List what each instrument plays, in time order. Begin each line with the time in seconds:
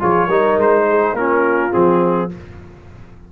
0.00 tuba F3, trombone F4, horn G#4, trumpet C#5
0.27 tuba G3, trombone D#4, horn A#4
0.57 tuba G#3, trumpet C5
0.89 horn G#4
1.13 tuba A#3, trombone C#4, horn F4, trumpet A#4
1.71 tuba F3, trombone C4, trumpet G#4